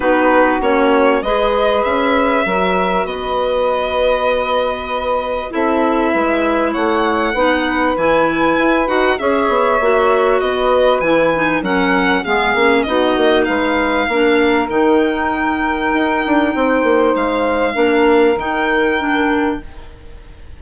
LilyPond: <<
  \new Staff \with { instrumentName = "violin" } { \time 4/4 \tempo 4 = 98 b'4 cis''4 dis''4 e''4~ | e''4 dis''2.~ | dis''4 e''2 fis''4~ | fis''4 gis''4. fis''8 e''4~ |
e''4 dis''4 gis''4 fis''4 | f''4 dis''4 f''2 | g''1 | f''2 g''2 | }
  \new Staff \with { instrumentName = "saxophone" } { \time 4/4 fis'2 b'2 | ais'4 b'2.~ | b'4 a'4 b'4 cis''4 | b'2. cis''4~ |
cis''4 b'2 ais'4 | gis'4 fis'4 b'4 ais'4~ | ais'2. c''4~ | c''4 ais'2. | }
  \new Staff \with { instrumentName = "clarinet" } { \time 4/4 dis'4 cis'4 gis'2 | fis'1~ | fis'4 e'2. | dis'4 e'4. fis'8 gis'4 |
fis'2 e'8 dis'8 cis'4 | b8 cis'8 dis'2 d'4 | dis'1~ | dis'4 d'4 dis'4 d'4 | }
  \new Staff \with { instrumentName = "bassoon" } { \time 4/4 b4 ais4 gis4 cis'4 | fis4 b2.~ | b4 c'4 gis4 a4 | b4 e4 e'8 dis'8 cis'8 b8 |
ais4 b4 e4 fis4 | gis8 ais8 b8 ais8 gis4 ais4 | dis2 dis'8 d'8 c'8 ais8 | gis4 ais4 dis2 | }
>>